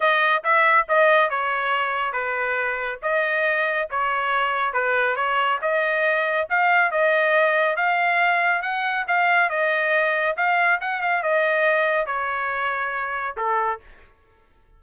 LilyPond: \new Staff \with { instrumentName = "trumpet" } { \time 4/4 \tempo 4 = 139 dis''4 e''4 dis''4 cis''4~ | cis''4 b'2 dis''4~ | dis''4 cis''2 b'4 | cis''4 dis''2 f''4 |
dis''2 f''2 | fis''4 f''4 dis''2 | f''4 fis''8 f''8 dis''2 | cis''2. a'4 | }